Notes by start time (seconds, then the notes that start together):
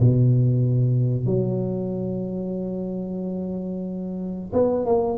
0.00 B2
1.26 F#3
4.53 B3
4.85 A#3